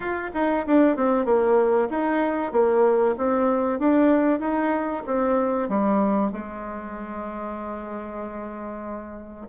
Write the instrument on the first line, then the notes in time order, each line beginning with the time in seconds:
bassoon
0.00 F4
0.34 D#4
0.66 D4
0.96 C4
1.25 A#3
1.89 D#4
2.52 A#3
3.17 C4
3.79 D4
4.39 D#4
5.06 C4
5.68 G3
6.32 G#3